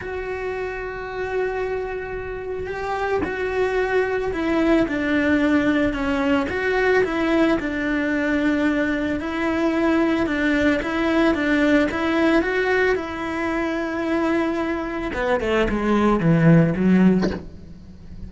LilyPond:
\new Staff \with { instrumentName = "cello" } { \time 4/4 \tempo 4 = 111 fis'1~ | fis'4 g'4 fis'2 | e'4 d'2 cis'4 | fis'4 e'4 d'2~ |
d'4 e'2 d'4 | e'4 d'4 e'4 fis'4 | e'1 | b8 a8 gis4 e4 fis4 | }